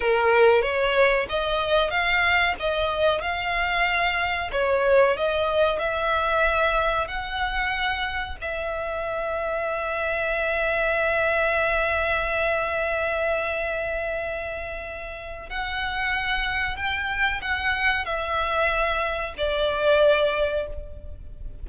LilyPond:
\new Staff \with { instrumentName = "violin" } { \time 4/4 \tempo 4 = 93 ais'4 cis''4 dis''4 f''4 | dis''4 f''2 cis''4 | dis''4 e''2 fis''4~ | fis''4 e''2.~ |
e''1~ | e''1 | fis''2 g''4 fis''4 | e''2 d''2 | }